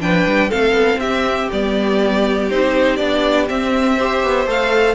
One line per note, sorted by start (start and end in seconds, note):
0.00 0.26 F3
0.00 0.50 D4
0.00 0.49 B4
0.00 0.51 G5
0.27 0.51 G3
0.49 0.72 A3
0.49 1.50 C4
0.49 0.99 A4
0.49 1.00 F5
0.72 0.97 B3
0.98 1.47 C4
0.98 3.97 G4
0.98 1.49 E5
1.52 2.51 G3
1.52 2.51 B3
1.52 2.50 D5
2.50 3.00 C4
2.50 2.98 D#4
2.50 2.96 C5
2.96 3.50 B3
2.96 3.47 D4
2.96 3.46 D5
3.48 3.98 C4
3.48 4.24 C4
3.48 4.48 E5
3.97 4.47 G4
3.97 4.95 C5
4.24 4.46 B3
4.46 4.95 A3
4.46 4.95 A4
4.46 4.95 F5